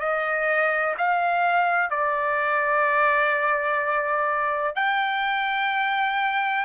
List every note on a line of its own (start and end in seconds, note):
0.00 0.95 D#5
0.98 1.90 F5
1.90 4.76 D5
4.76 6.65 G5